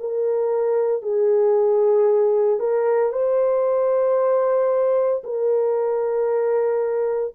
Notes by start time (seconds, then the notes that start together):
0.00 A#4
1.02 G#4
2.60 A#4
3.12 C5
5.24 A#4